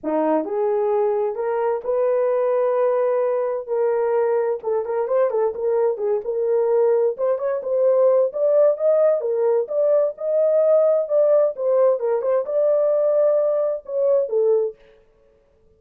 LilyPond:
\new Staff \with { instrumentName = "horn" } { \time 4/4 \tempo 4 = 130 dis'4 gis'2 ais'4 | b'1 | ais'2 a'8 ais'8 c''8 a'8 | ais'4 gis'8 ais'2 c''8 |
cis''8 c''4. d''4 dis''4 | ais'4 d''4 dis''2 | d''4 c''4 ais'8 c''8 d''4~ | d''2 cis''4 a'4 | }